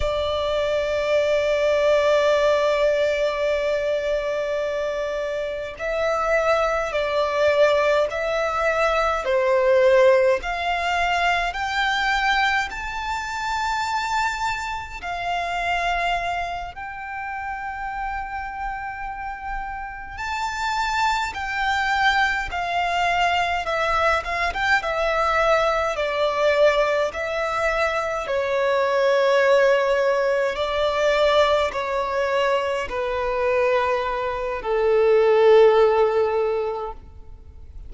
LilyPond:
\new Staff \with { instrumentName = "violin" } { \time 4/4 \tempo 4 = 52 d''1~ | d''4 e''4 d''4 e''4 | c''4 f''4 g''4 a''4~ | a''4 f''4. g''4.~ |
g''4. a''4 g''4 f''8~ | f''8 e''8 f''16 g''16 e''4 d''4 e''8~ | e''8 cis''2 d''4 cis''8~ | cis''8 b'4. a'2 | }